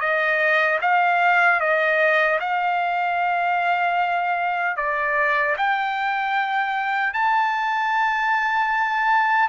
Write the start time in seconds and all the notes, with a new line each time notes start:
0.00 D#5
0.81 F5
1.60 D#5
2.40 F5
4.77 D5
5.57 G5
7.13 A5